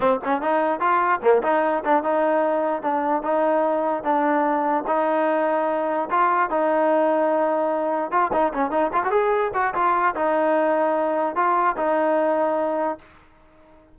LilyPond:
\new Staff \with { instrumentName = "trombone" } { \time 4/4 \tempo 4 = 148 c'8 cis'8 dis'4 f'4 ais8 dis'8~ | dis'8 d'8 dis'2 d'4 | dis'2 d'2 | dis'2. f'4 |
dis'1 | f'8 dis'8 cis'8 dis'8 f'16 fis'16 gis'4 fis'8 | f'4 dis'2. | f'4 dis'2. | }